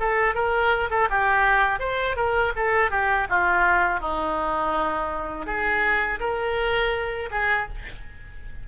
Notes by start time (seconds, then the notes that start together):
0.00 A4
0.35 A#4
0.90 A4
1.10 G4
1.80 C5
2.16 A#4
2.56 A4
2.91 G4
3.30 F4
4.00 D#4
5.46 G#4
6.20 A#4
7.31 G#4